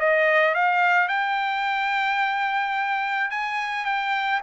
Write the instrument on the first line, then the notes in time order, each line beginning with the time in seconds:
trumpet
0.00 D#5
0.55 F5
1.09 G5
3.31 G#5
3.85 G5